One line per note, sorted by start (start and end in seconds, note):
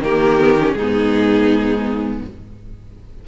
0.00 0.73 D#3
0.00 0.38 A#3
0.00 0.77 G4
0.00 0.72 A#4
0.38 0.57 B3
0.59 0.77 C#4
0.72 2.21 G#2
0.72 2.24 D#4
0.72 2.19 G#4
0.81 2.27 B3